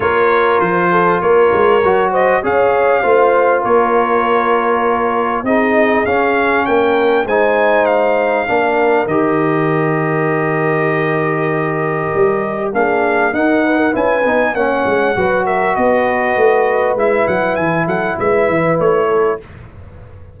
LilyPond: <<
  \new Staff \with { instrumentName = "trumpet" } { \time 4/4 \tempo 4 = 99 cis''4 c''4 cis''4. dis''8 | f''2 cis''2~ | cis''4 dis''4 f''4 g''4 | gis''4 f''2 dis''4~ |
dis''1~ | dis''4 f''4 fis''4 gis''4 | fis''4. e''8 dis''2 | e''8 fis''8 gis''8 fis''8 e''4 cis''4 | }
  \new Staff \with { instrumentName = "horn" } { \time 4/4 ais'4. a'8 ais'4. c''8 | cis''4 c''4 ais'2~ | ais'4 gis'2 ais'4 | c''2 ais'2~ |
ais'1~ | ais'4 gis'4 ais'8 b'16 ais'16 b'4 | cis''4 b'8 ais'8 b'2~ | b'4. a'8 b'4. a'8 | }
  \new Staff \with { instrumentName = "trombone" } { \time 4/4 f'2. fis'4 | gis'4 f'2.~ | f'4 dis'4 cis'2 | dis'2 d'4 g'4~ |
g'1~ | g'4 d'4 dis'4 e'8 dis'8 | cis'4 fis'2. | e'1 | }
  \new Staff \with { instrumentName = "tuba" } { \time 4/4 ais4 f4 ais8 gis8 fis4 | cis'4 a4 ais2~ | ais4 c'4 cis'4 ais4 | gis2 ais4 dis4~ |
dis1 | g4 ais4 dis'4 cis'8 b8 | ais8 gis8 fis4 b4 a4 | gis8 fis8 e8 fis8 gis8 e8 a4 | }
>>